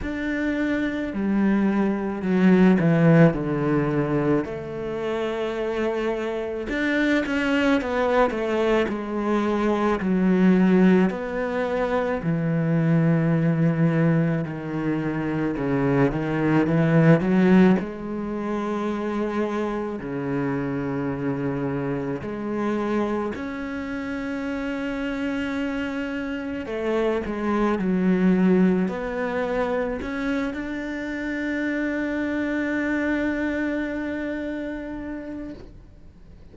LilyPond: \new Staff \with { instrumentName = "cello" } { \time 4/4 \tempo 4 = 54 d'4 g4 fis8 e8 d4 | a2 d'8 cis'8 b8 a8 | gis4 fis4 b4 e4~ | e4 dis4 cis8 dis8 e8 fis8 |
gis2 cis2 | gis4 cis'2. | a8 gis8 fis4 b4 cis'8 d'8~ | d'1 | }